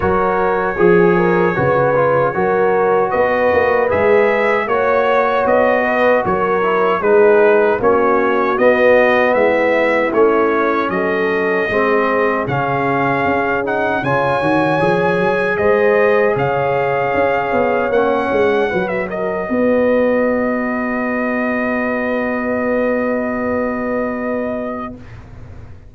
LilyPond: <<
  \new Staff \with { instrumentName = "trumpet" } { \time 4/4 \tempo 4 = 77 cis''1 | dis''4 e''4 cis''4 dis''4 | cis''4 b'4 cis''4 dis''4 | e''4 cis''4 dis''2 |
f''4. fis''8 gis''2 | dis''4 f''2 fis''4~ | fis''16 e''16 dis''2.~ dis''8~ | dis''1 | }
  \new Staff \with { instrumentName = "horn" } { \time 4/4 ais'4 gis'8 ais'8 b'4 ais'4 | b'2 cis''4. b'8 | ais'4 gis'4 fis'2 | e'2 a'4 gis'4~ |
gis'2 cis''2 | c''4 cis''2. | b'8 ais'8 b'2.~ | b'1 | }
  \new Staff \with { instrumentName = "trombone" } { \time 4/4 fis'4 gis'4 fis'8 f'8 fis'4~ | fis'4 gis'4 fis'2~ | fis'8 e'8 dis'4 cis'4 b4~ | b4 cis'2 c'4 |
cis'4. dis'8 f'8 fis'8 gis'4~ | gis'2. cis'4 | fis'1~ | fis'1 | }
  \new Staff \with { instrumentName = "tuba" } { \time 4/4 fis4 f4 cis4 fis4 | b8 ais8 gis4 ais4 b4 | fis4 gis4 ais4 b4 | gis4 a4 fis4 gis4 |
cis4 cis'4 cis8 dis8 f8 fis8 | gis4 cis4 cis'8 b8 ais8 gis8 | fis4 b2.~ | b1 | }
>>